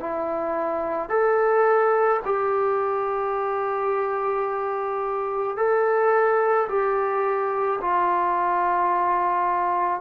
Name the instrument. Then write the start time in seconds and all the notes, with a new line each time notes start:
trombone
0.00 E4
1.09 A4
2.25 G4
5.57 A4
6.69 G4
7.81 F4